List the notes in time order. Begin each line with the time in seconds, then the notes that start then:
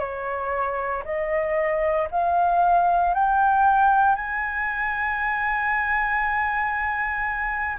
0.00 C#5
1.05 D#5
2.12 F5
3.15 G5
4.16 G#5